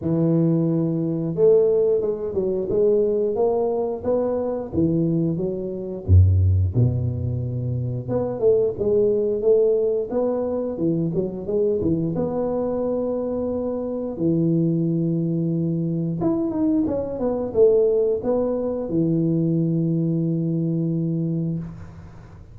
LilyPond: \new Staff \with { instrumentName = "tuba" } { \time 4/4 \tempo 4 = 89 e2 a4 gis8 fis8 | gis4 ais4 b4 e4 | fis4 fis,4 b,2 | b8 a8 gis4 a4 b4 |
e8 fis8 gis8 e8 b2~ | b4 e2. | e'8 dis'8 cis'8 b8 a4 b4 | e1 | }